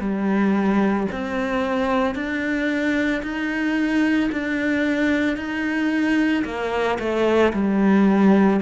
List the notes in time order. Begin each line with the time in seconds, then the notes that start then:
0.00 G3
1.12 C4
2.15 D4
3.23 D#4
4.32 D4
5.37 D#4
6.45 A#3
6.99 A3
7.53 G3